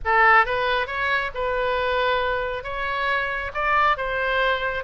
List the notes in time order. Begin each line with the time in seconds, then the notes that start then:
0.04 A4
0.45 B4
0.86 C#5
1.34 B4
2.63 C#5
3.54 D5
3.97 C5